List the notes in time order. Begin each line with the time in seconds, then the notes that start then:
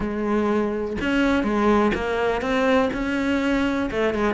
0.00 G#3
1.01 C#4
1.43 G#3
1.94 A#3
2.41 C4
2.93 C#4
3.90 A3
4.14 G#3